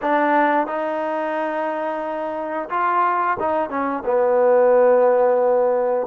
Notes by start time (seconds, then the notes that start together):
0.02 D4
0.66 D#4
2.69 F4
3.39 D#4
3.69 C#4
4.04 B3